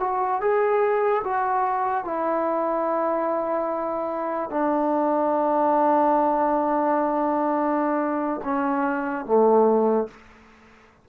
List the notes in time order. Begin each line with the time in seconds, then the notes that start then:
0.00 F#4
0.41 G#4
1.24 F#4
2.05 E4
4.51 D4
8.44 C#4
9.26 A3